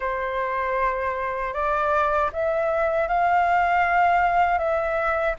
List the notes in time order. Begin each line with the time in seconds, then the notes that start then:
0.00 C5
1.53 D5
2.33 E5
3.08 F5
4.58 E5